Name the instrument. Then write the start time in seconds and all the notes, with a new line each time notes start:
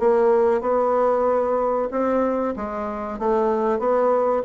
bassoon
0.00 A#3
0.62 B3
1.91 C4
2.56 G#3
3.19 A3
3.79 B3